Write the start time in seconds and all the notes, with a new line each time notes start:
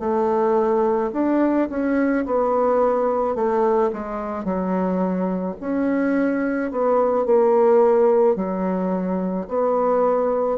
0.00 A3
1.13 D4
1.70 C#4
2.26 B3
3.35 A3
3.93 G#3
4.44 F#3
5.61 C#4
6.72 B3
7.26 A#3
8.36 F#3
9.48 B3